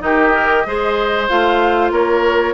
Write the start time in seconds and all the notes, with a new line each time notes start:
0.00 D#3 D#4 G4 D#5
0.33 A#4
0.66 G#3 G#4 C5
1.29 A3 F4 F5
1.91 A#3 A#4 C#5